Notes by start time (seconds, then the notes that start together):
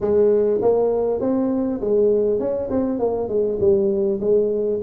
0.00 G#3
0.61 A#3
1.20 C4
1.80 G#3
2.39 C#4
2.70 C4
2.99 A#3
3.28 G#3
3.59 G3
4.20 G#3